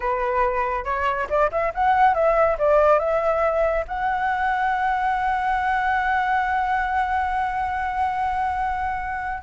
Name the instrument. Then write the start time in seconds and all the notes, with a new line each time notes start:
flute
0.00 B4
0.84 C#5
1.29 D5
1.51 E5
1.74 F#5
2.14 E5
2.58 D5
2.99 E5
3.87 F#5